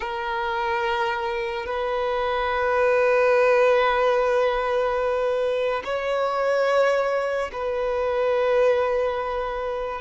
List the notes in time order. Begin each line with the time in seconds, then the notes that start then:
0.00 A#4
1.66 B4
5.84 C#5
7.52 B4